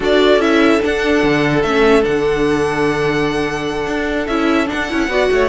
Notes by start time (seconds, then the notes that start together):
0.00 D4 F#4 A4 D5
0.38 C#4 E4 E5
0.81 D4 F#5
1.23 D3
1.62 A3 C#4 E5
2.02 D3 D4 F#5
3.86 D4
4.27 C#4 E4 E5
4.66 D4 F#5
4.73 D4
4.90 C#4 E4
5.08 B3 F#4 D5
5.32 A3 C#5